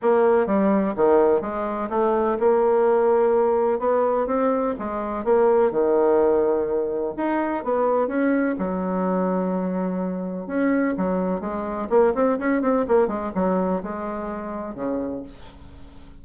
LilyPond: \new Staff \with { instrumentName = "bassoon" } { \time 4/4 \tempo 4 = 126 ais4 g4 dis4 gis4 | a4 ais2. | b4 c'4 gis4 ais4 | dis2. dis'4 |
b4 cis'4 fis2~ | fis2 cis'4 fis4 | gis4 ais8 c'8 cis'8 c'8 ais8 gis8 | fis4 gis2 cis4 | }